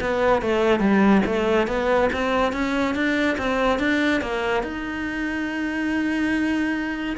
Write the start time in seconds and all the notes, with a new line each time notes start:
0.00 B3
0.41 A3
0.79 G3
1.26 A3
1.67 B3
2.12 C4
2.52 C#4
2.95 D4
3.37 C4
3.79 D4
4.21 A#3
4.63 D#4